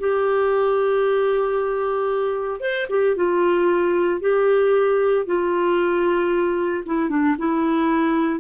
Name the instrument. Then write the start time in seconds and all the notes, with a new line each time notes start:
clarinet
0.00 G4
2.61 C5
2.90 G4
3.16 F4
4.21 G4
5.26 F4
6.86 E4
7.10 D4
7.38 E4